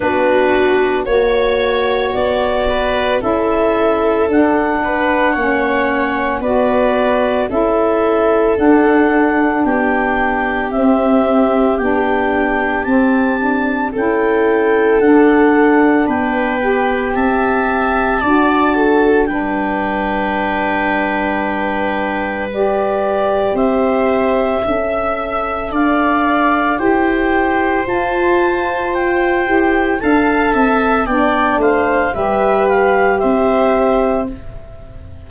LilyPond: <<
  \new Staff \with { instrumentName = "clarinet" } { \time 4/4 \tempo 4 = 56 b'4 cis''4 d''4 e''4 | fis''2 d''4 e''4 | fis''4 g''4 e''4 g''4 | a''4 g''4 fis''4 g''4 |
a''2 g''2~ | g''4 d''4 e''2 | f''4 g''4 a''4 g''4 | a''4 g''8 f''8 e''8 f''8 e''4 | }
  \new Staff \with { instrumentName = "viola" } { \time 4/4 fis'4 cis''4. b'8 a'4~ | a'8 b'8 cis''4 b'4 a'4~ | a'4 g'2.~ | g'4 a'2 b'4 |
e''4 d''8 a'8 b'2~ | b'2 c''4 e''4 | d''4 c''2. | f''8 e''8 d''8 c''8 b'4 c''4 | }
  \new Staff \with { instrumentName = "saxophone" } { \time 4/4 d'4 fis'2 e'4 | d'4 cis'4 fis'4 e'4 | d'2 c'4 d'4 | c'8 d'8 e'4 d'4. g'8~ |
g'4 fis'4 d'2~ | d'4 g'2 a'4~ | a'4 g'4 f'4. g'8 | a'4 d'4 g'2 | }
  \new Staff \with { instrumentName = "tuba" } { \time 4/4 b4 ais4 b4 cis'4 | d'4 ais4 b4 cis'4 | d'4 b4 c'4 b4 | c'4 cis'4 d'4 b4 |
c'4 d'4 g2~ | g2 c'4 cis'4 | d'4 e'4 f'4. e'8 | d'8 c'8 b8 a8 g4 c'4 | }
>>